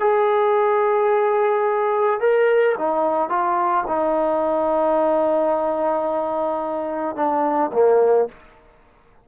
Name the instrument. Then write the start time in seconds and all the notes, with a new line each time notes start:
trombone
0.00 G#4
2.20 A#4
2.78 D#4
3.29 F4
3.87 D#4
7.16 D4
7.73 A#3